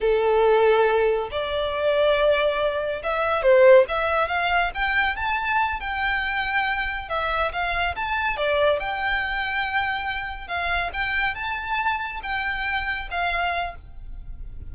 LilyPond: \new Staff \with { instrumentName = "violin" } { \time 4/4 \tempo 4 = 140 a'2. d''4~ | d''2. e''4 | c''4 e''4 f''4 g''4 | a''4. g''2~ g''8~ |
g''8 e''4 f''4 a''4 d''8~ | d''8 g''2.~ g''8~ | g''8 f''4 g''4 a''4.~ | a''8 g''2 f''4. | }